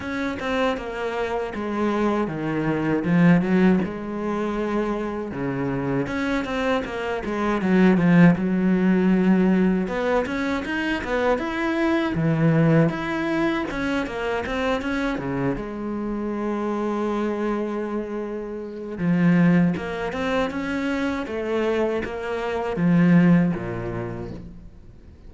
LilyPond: \new Staff \with { instrumentName = "cello" } { \time 4/4 \tempo 4 = 79 cis'8 c'8 ais4 gis4 dis4 | f8 fis8 gis2 cis4 | cis'8 c'8 ais8 gis8 fis8 f8 fis4~ | fis4 b8 cis'8 dis'8 b8 e'4 |
e4 e'4 cis'8 ais8 c'8 cis'8 | cis8 gis2.~ gis8~ | gis4 f4 ais8 c'8 cis'4 | a4 ais4 f4 ais,4 | }